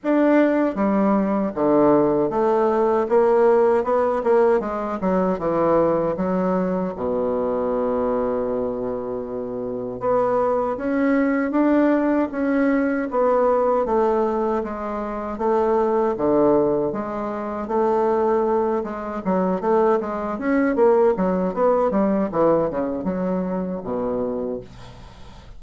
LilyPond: \new Staff \with { instrumentName = "bassoon" } { \time 4/4 \tempo 4 = 78 d'4 g4 d4 a4 | ais4 b8 ais8 gis8 fis8 e4 | fis4 b,2.~ | b,4 b4 cis'4 d'4 |
cis'4 b4 a4 gis4 | a4 d4 gis4 a4~ | a8 gis8 fis8 a8 gis8 cis'8 ais8 fis8 | b8 g8 e8 cis8 fis4 b,4 | }